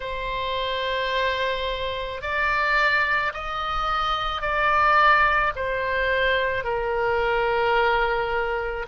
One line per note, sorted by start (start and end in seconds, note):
0.00 2.21 C5
2.21 3.32 D5
3.33 4.41 D#5
4.41 5.53 D5
5.56 6.64 C5
6.64 8.86 A#4